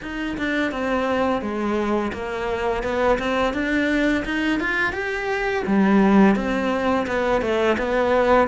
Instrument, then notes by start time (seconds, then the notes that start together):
cello
0.02 D#4
0.37 D4
0.71 C4
1.41 G#3
2.12 A#3
2.83 B3
3.18 C4
3.53 D4
4.24 D#4
4.59 F4
4.92 G4
5.67 G3
6.35 C4
7.06 B3
7.41 A3
7.77 B3